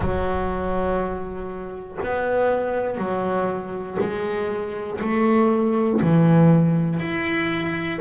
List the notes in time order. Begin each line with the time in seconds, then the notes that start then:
0.00 F#3
2.03 B3
2.97 F#3
4.00 G#3
5.00 A3
6.00 E3
7.00 E4